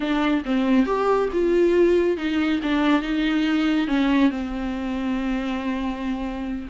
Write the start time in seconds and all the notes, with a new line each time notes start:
0.00 D4
0.45 C4
0.85 G4
1.32 F4
2.17 D#4
2.62 D4
3.02 D#4
3.87 C#4
4.30 C4